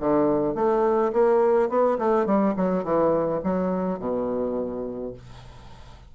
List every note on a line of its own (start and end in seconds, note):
0.00 0.55 D3
0.55 1.12 A3
1.13 1.69 A#3
1.69 1.98 B3
1.98 2.26 A3
2.26 2.55 G3
2.57 2.84 F#3
2.84 3.41 E3
3.44 3.99 F#3
3.99 5.14 B2